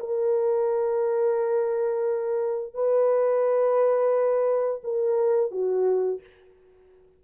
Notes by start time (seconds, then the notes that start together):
0.00 A#4
2.74 B4
4.84 A#4
5.51 F#4